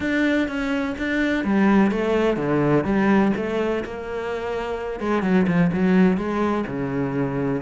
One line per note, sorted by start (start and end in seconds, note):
0.00 0.48 D4
0.48 0.95 C#4
0.98 1.44 D4
1.44 1.91 G3
1.91 2.36 A3
2.36 2.84 D3
2.84 3.32 G3
3.36 3.83 A3
3.84 4.99 A#3
4.99 5.22 G#3
5.22 5.46 F#3
5.47 5.71 F3
5.73 6.17 F#3
6.17 6.65 G#3
6.66 7.61 C#3